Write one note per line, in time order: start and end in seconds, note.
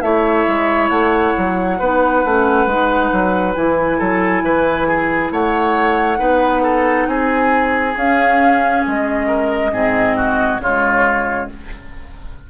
0.00 0.45 A3
0.00 1.79 E4
0.00 1.79 C#5
0.00 0.88 E5
0.47 0.90 G#3
0.89 1.34 A3
0.89 3.53 F#5
1.37 1.80 F#3
1.79 2.24 B3
1.79 2.25 D#4
1.79 3.98 B4
2.24 2.66 A3
2.24 2.69 C#4
2.66 3.10 G#3
2.66 3.54 D#4
3.12 3.56 F#3
3.54 4.00 E3
3.54 6.17 E4
3.54 5.31 G#5
3.98 4.42 F#3
3.98 4.42 A4
4.42 5.31 E3
4.42 4.88 B4
4.88 5.32 G#4
5.31 6.19 A3
5.31 6.19 C#5
5.31 7.08 F#5
6.17 7.07 B3
6.17 7.94 D#4
6.17 6.63 B4
6.63 7.07 A4
7.07 7.95 C4
7.07 9.27 G#4
7.07 7.96 G#5
7.96 8.84 C#4
7.96 9.72 C#4
7.96 8.85 F5
8.87 9.72 G#3
8.87 10.61 D#5
9.27 9.71 A#4
9.72 10.59 G#2
9.72 10.60 C4
9.72 10.17 G#4
10.17 10.61 F#4
10.59 11.47 C#3
10.59 11.50 G#3
10.59 11.50 F4
10.59 11.49 C#5